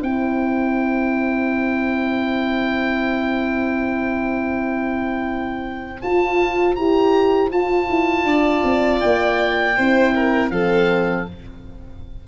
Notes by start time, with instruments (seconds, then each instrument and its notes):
0.00 tuba C4, horn E4, violin C5, oboe G5
6.01 tuba F4, horn F4, oboe A5
6.75 tuba E4, horn G4, oboe A#5
7.50 horn F4, tuba F4, oboe A5
7.89 tuba E4
8.24 tuba D4, violin D5
8.63 tuba C4
9.00 tuba A#3, oboe G5
9.76 tuba C4, horn E4, violin C5
10.14 violin A#4
10.50 tuba F3, horn C4, violin A4, oboe F5